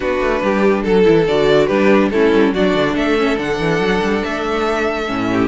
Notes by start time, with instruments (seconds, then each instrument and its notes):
0.00 cello B3, viola D4, violin F#4 B4
0.20 cello A3
0.42 cello G3, violin G4
0.82 cello F#3, violin A4
1.04 cello E3, viola E4
1.27 cello D3, viola F#4, violin D5
1.66 cello G3, viola D4, violin G4 B4
2.10 cello A3, viola C#4, violin E4 A4
2.33 cello G3
2.53 cello F#3, viola D4, violin F#4 D5
2.74 cello D3
2.93 cello A3, violin A4 E5
3.19 viola C#4
3.35 cello D3, viola D4, violin F#5
3.59 cello E3
3.79 cello F#3
4.01 cello G3
4.23 cello A3, violin E5
5.07 cello A2, viola C#4
5.31 violin G4